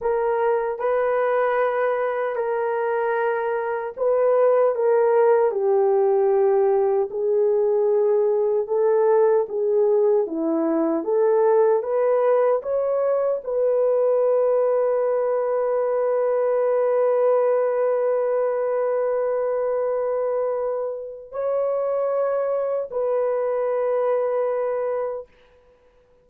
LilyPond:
\new Staff \with { instrumentName = "horn" } { \time 4/4 \tempo 4 = 76 ais'4 b'2 ais'4~ | ais'4 b'4 ais'4 g'4~ | g'4 gis'2 a'4 | gis'4 e'4 a'4 b'4 |
cis''4 b'2.~ | b'1~ | b'2. cis''4~ | cis''4 b'2. | }